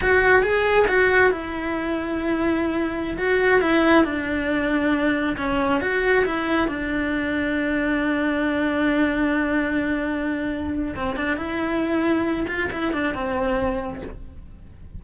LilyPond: \new Staff \with { instrumentName = "cello" } { \time 4/4 \tempo 4 = 137 fis'4 gis'4 fis'4 e'4~ | e'2.~ e'16 fis'8.~ | fis'16 e'4 d'2~ d'8.~ | d'16 cis'4 fis'4 e'4 d'8.~ |
d'1~ | d'1~ | d'4 c'8 d'8 e'2~ | e'8 f'8 e'8 d'8 c'2 | }